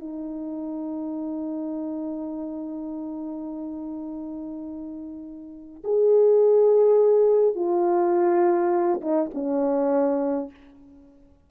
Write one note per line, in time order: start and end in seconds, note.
0.00 5.83 D#4
5.84 7.56 G#4
7.56 9.01 F4
9.02 9.31 D#4
9.34 10.51 C#4